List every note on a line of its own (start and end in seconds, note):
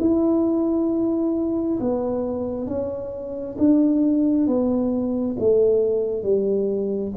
0.00 1.79 E4
1.81 2.67 B3
2.67 3.57 C#4
3.59 4.47 D4
4.47 5.36 B3
5.40 6.23 A3
6.23 7.13 G3